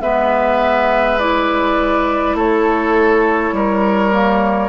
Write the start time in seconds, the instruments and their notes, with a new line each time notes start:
0.00 bassoon G#3, clarinet B3, oboe B4, flute E5
1.19 clarinet E4, flute D5
2.34 bassoon A3, oboe A4, flute C#5
3.52 bassoon G3, oboe A#4
4.12 clarinet A#3